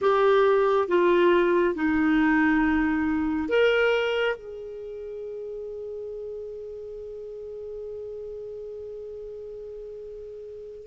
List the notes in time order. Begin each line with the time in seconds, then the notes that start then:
0.01 G4
0.88 F4
1.74 D#4
3.49 A#4
4.36 G#4